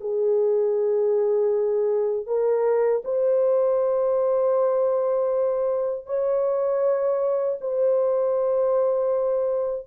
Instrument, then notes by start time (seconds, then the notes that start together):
horn
0.00 G#4
2.26 A#4
3.04 C5
6.06 C#5
7.61 C5